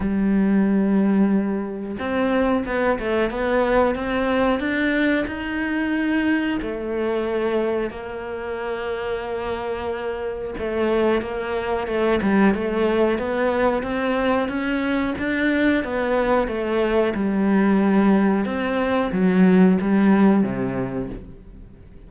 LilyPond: \new Staff \with { instrumentName = "cello" } { \time 4/4 \tempo 4 = 91 g2. c'4 | b8 a8 b4 c'4 d'4 | dis'2 a2 | ais1 |
a4 ais4 a8 g8 a4 | b4 c'4 cis'4 d'4 | b4 a4 g2 | c'4 fis4 g4 c4 | }